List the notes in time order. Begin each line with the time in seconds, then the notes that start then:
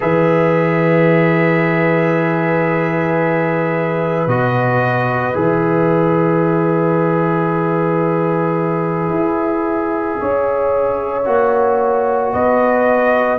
0.00 E3 G#4 B4 E5
4.27 B2 F#4 D#5
5.34 E3 G#4 E5
9.09 E4
10.19 C#4 C#5
11.25 A#3 F#4
12.33 B3 B4 D#5